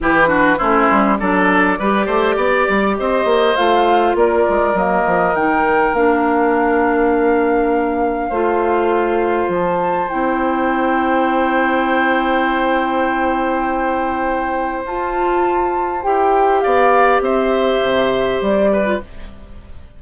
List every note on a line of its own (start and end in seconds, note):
0.00 0.60 E3
0.00 0.26 E4
0.00 0.28 G4
0.00 0.58 B4
0.26 0.56 D4
0.26 0.58 F#4
0.58 0.90 A3
0.58 1.19 C#4
0.58 1.17 E4
0.58 1.17 C5
0.91 1.20 G3
1.18 1.78 F#3
1.18 1.79 D4
1.18 1.78 A4
1.18 2.96 D5
1.78 2.07 G3
1.78 3.56 G4
1.78 2.06 B4
2.06 2.36 A3
2.06 2.35 C5
2.36 2.66 B3
2.36 2.95 D5
2.69 2.98 G3
2.97 3.24 C4
2.97 4.17 C5
2.97 3.56 D#5
3.24 3.54 A#3
3.56 4.14 A3
3.56 4.75 F4
3.56 4.15 F5
4.14 4.44 A#3
4.14 8.29 A#4
4.14 4.77 D5
4.49 4.74 G#3
4.74 5.03 F#3
4.74 5.34 A#3
4.74 5.35 D#5
5.05 5.35 F3
5.35 5.92 D#3
5.35 5.94 D#4
5.35 5.94 G5
5.92 8.30 A#3
5.92 8.31 D4
5.92 9.51 F5
8.29 9.48 A3
8.29 10.09 F4
8.29 16.60 C5
9.48 10.07 F3
9.48 10.08 A5
10.08 14.85 C4
10.08 14.84 E4
10.08 14.83 G5
14.85 16.03 F4
14.85 16.02 F4
14.85 16.03 A5
16.02 16.64 E4
16.02 18.85 G4
16.02 16.60 G5
16.60 17.20 B3
16.60 17.22 D5
16.60 17.20 F5
17.20 17.79 C4
17.20 18.71 C5
17.20 18.42 E5
17.82 18.41 C3
18.41 19.00 G3
18.41 19.01 D5
18.72 19.02 B4
18.85 18.99 F4